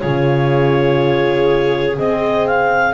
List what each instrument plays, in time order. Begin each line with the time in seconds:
0.00 double bass C#3, horn F4, viola G#4, clarinet C#5
1.98 horn C4, double bass C4, clarinet D#5
2.47 clarinet F5